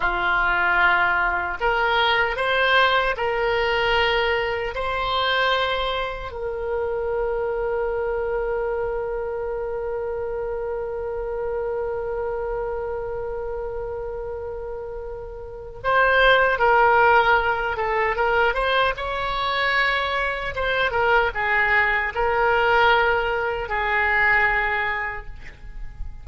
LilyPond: \new Staff \with { instrumentName = "oboe" } { \time 4/4 \tempo 4 = 76 f'2 ais'4 c''4 | ais'2 c''2 | ais'1~ | ais'1~ |
ais'1 | c''4 ais'4. a'8 ais'8 c''8 | cis''2 c''8 ais'8 gis'4 | ais'2 gis'2 | }